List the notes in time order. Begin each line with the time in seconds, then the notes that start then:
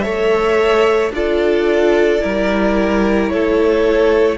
0.00 A3 A4 C#5 E5
1.11 D4 F4 A4 D5
2.20 G3 E4 A#4
3.29 A3 A4 C#5